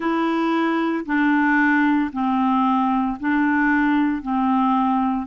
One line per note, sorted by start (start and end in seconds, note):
0.00 1.05 E4
1.05 2.11 D4
2.12 3.17 C4
3.20 4.22 D4
4.22 5.26 C4